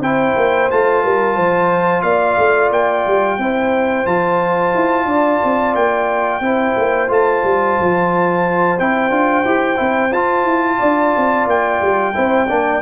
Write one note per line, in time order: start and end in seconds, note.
0.00 0.34 C4
0.00 0.70 E4
0.00 1.03 C5
0.00 0.70 G5
0.36 0.70 A#3
0.71 1.04 A3
0.71 3.40 F4
0.71 2.02 A5
1.03 1.37 G3
1.03 1.36 A#4
1.36 2.03 F3
1.36 2.03 C5
2.02 2.36 A#3
2.02 3.38 D5
2.02 2.69 F5
2.38 2.71 A3
2.71 3.04 A#3
2.71 4.06 G5
3.07 3.38 G3
3.38 4.05 C4
3.38 4.06 E4
3.38 5.06 C5
4.06 4.73 F3
4.06 6.42 F4
4.06 5.75 A5
4.75 5.05 E4
5.05 5.39 D4
5.05 6.41 D5
5.44 5.74 C4
5.74 6.40 A#3
5.74 7.10 G5
6.40 6.74 C4
6.40 7.08 E4
6.40 10.78 C5
6.76 7.09 A#3
7.08 7.43 A3
7.08 8.77 F4
7.08 8.79 A5
7.44 7.77 G3
7.79 8.79 F3
8.79 9.10 C4
8.79 9.10 E4
8.79 10.13 G5
9.10 9.44 D4
9.10 9.44 F4
9.44 9.78 E4
9.44 9.76 G4
9.76 10.11 C4
9.76 10.09 E4
10.11 10.44 F4
10.11 12.13 F4
10.11 11.48 A5
10.44 10.78 E4
10.78 11.15 D4
10.78 12.13 D5
11.16 11.46 C4
11.46 11.80 A#3
11.46 12.82 G5
11.81 12.15 G3
12.13 12.50 C4
12.13 12.47 E4
12.13 12.48 C5
12.48 12.82 A#3
12.48 12.82 D4
12.48 12.82 D5